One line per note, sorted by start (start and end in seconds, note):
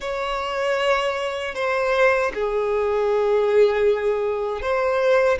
0.00 1.54 C#5
1.55 2.31 C5
2.34 4.61 G#4
4.61 5.38 C5